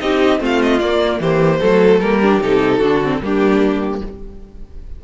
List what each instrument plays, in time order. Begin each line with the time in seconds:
0.00 cello C4, viola D#4, violin G4 D#5
0.38 cello A3, viola C4, violin F4
0.45 violin F5
0.62 violin D#5
0.79 cello A#3, viola A#3, violin D5
1.20 cello E3, violin G4 C5
1.59 cello F#3, viola A3, violin A4
1.99 cello G3, viola A#3, violin A#4
2.21 viola D4, violin G4
2.41 cello C3, viola D#4, violin A4
2.78 cello D3, viola D4, violin F#4
3.03 viola C4
3.21 cello G3, viola A#3, violin D4 G4